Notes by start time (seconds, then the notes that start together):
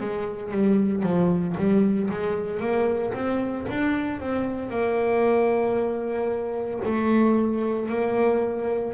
0.00 G#3
0.51 G3
1.03 F3
1.57 G3
2.10 G#3
2.60 A#3
3.14 C4
3.69 D4
4.20 C4
4.70 A#3
6.85 A3
7.89 A#3